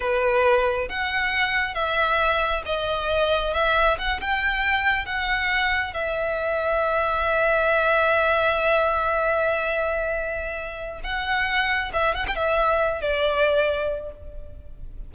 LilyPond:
\new Staff \with { instrumentName = "violin" } { \time 4/4 \tempo 4 = 136 b'2 fis''2 | e''2 dis''2 | e''4 fis''8 g''2 fis''8~ | fis''4. e''2~ e''8~ |
e''1~ | e''1~ | e''4 fis''2 e''8 fis''16 g''16 | e''4. d''2~ d''8 | }